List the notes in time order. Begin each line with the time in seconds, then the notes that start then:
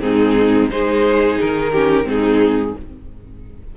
0.00 G#2 C4 D#4 G#4
0.70 G#3 D#4 G#4 C5
1.40 D#3 A#4
1.71 C#4 G4
2.04 G#2 C4 D#4 G#4